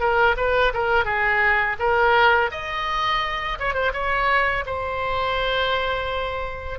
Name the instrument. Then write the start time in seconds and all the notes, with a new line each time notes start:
oboe
0.00 A#4
0.37 B4
0.74 A#4
1.05 G#4
1.79 A#4
2.51 D#5
3.59 C#5
3.74 C5
3.93 C#5
4.66 C5